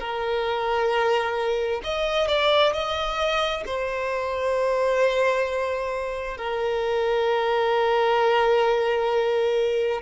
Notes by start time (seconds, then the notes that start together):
0.00 A#4
1.84 D#5
2.28 D5
2.73 D#5
3.66 C5
6.38 A#4